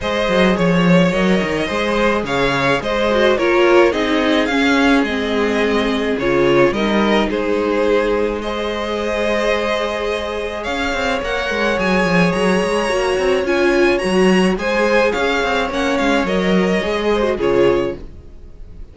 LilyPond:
<<
  \new Staff \with { instrumentName = "violin" } { \time 4/4 \tempo 4 = 107 dis''4 cis''4 dis''2 | f''4 dis''4 cis''4 dis''4 | f''4 dis''2 cis''4 | dis''4 c''2 dis''4~ |
dis''2. f''4 | fis''4 gis''4 ais''2 | gis''4 ais''4 gis''4 f''4 | fis''8 f''8 dis''2 cis''4 | }
  \new Staff \with { instrumentName = "violin" } { \time 4/4 c''4 cis''2 c''4 | cis''4 c''4 ais'4 gis'4~ | gis'1 | ais'4 gis'2 c''4~ |
c''2. cis''4~ | cis''1~ | cis''2 c''4 cis''4~ | cis''2~ cis''8 c''8 gis'4 | }
  \new Staff \with { instrumentName = "viola" } { \time 4/4 gis'2 ais'4 gis'4~ | gis'4. fis'8 f'4 dis'4 | cis'4 c'2 f'4 | dis'2. gis'4~ |
gis'1 | ais'4 gis'2 fis'4 | f'4 fis'4 gis'2 | cis'4 ais'4 gis'8. fis'16 f'4 | }
  \new Staff \with { instrumentName = "cello" } { \time 4/4 gis8 fis8 f4 fis8 dis8 gis4 | cis4 gis4 ais4 c'4 | cis'4 gis2 cis4 | g4 gis2.~ |
gis2. cis'8 c'8 | ais8 gis8 fis8 f8 fis8 gis8 ais8 c'8 | cis'4 fis4 gis4 cis'8 c'8 | ais8 gis8 fis4 gis4 cis4 | }
>>